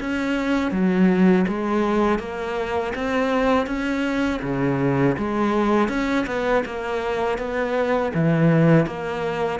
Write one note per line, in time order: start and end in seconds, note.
0.00 0.71 C#4
0.71 1.45 F#3
1.48 2.19 G#3
2.19 2.93 A#3
2.95 3.66 C4
3.66 4.40 C#4
4.42 5.16 C#3
5.18 5.88 G#3
5.88 6.25 C#4
6.26 6.63 B3
6.65 7.38 A#3
7.38 8.12 B3
8.14 8.86 E3
8.86 9.60 A#3